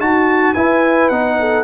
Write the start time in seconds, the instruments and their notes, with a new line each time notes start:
0.00 tuba D#4, trombone F#4, horn F#4, trumpet A5
0.54 tuba E4, trombone E4, horn B4, trumpet G#5
1.09 tuba B3, trombone D#4, trumpet F#5
1.40 horn A4